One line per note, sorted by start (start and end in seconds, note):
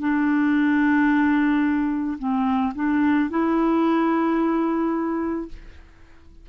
0.00 2.18 D4
2.19 2.73 C4
2.75 3.30 D4
3.30 5.48 E4